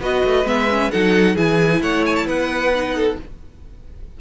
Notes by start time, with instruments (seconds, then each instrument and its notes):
0.00 cello B3, viola F#4, violin B4 D#5
0.24 cello A3
0.44 cello G#3, viola B3, violin E5
0.70 viola C#4
0.91 cello F#3, viola D#4, violin A4 F#5
1.34 cello E3, viola E4, violin G#4 G#5
1.81 cello A3, violin C#5 F#5
2.06 violin G#5
2.15 violin A5
2.25 cello B3, violin B4 F#5
2.75 viola D#4
2.95 violin A4